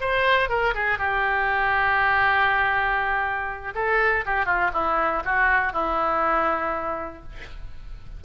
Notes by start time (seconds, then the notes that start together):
0.00 C5
0.49 A#4
0.74 G#4
0.98 G4
3.74 A4
4.25 G4
4.45 F4
4.73 E4
5.24 F#4
5.72 E4